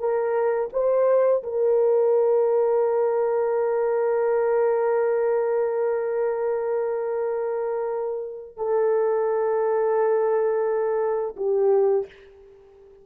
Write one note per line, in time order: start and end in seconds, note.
0.00 0.70 A#4
0.73 1.43 C5
1.44 8.57 A#4
8.57 11.36 A4
11.37 12.06 G4